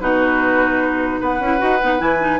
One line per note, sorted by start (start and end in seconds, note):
0.00 1.20 B2
0.00 1.41 D#4
0.00 1.20 F#4
0.00 1.20 B4
1.20 1.40 B3
1.20 2.40 B4
1.20 2.01 F#5
1.40 1.60 C#4
1.40 1.58 E4
1.58 1.82 D#4
1.58 1.78 F#4
1.82 2.00 B3
1.82 1.98 D#4
1.98 2.40 E3
1.98 2.18 E4
1.98 2.40 G#5
2.19 2.39 D#4